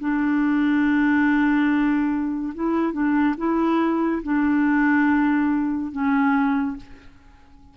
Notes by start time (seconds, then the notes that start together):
0.00 D4
2.55 E4
2.93 D4
3.38 E4
4.23 D4
5.92 C#4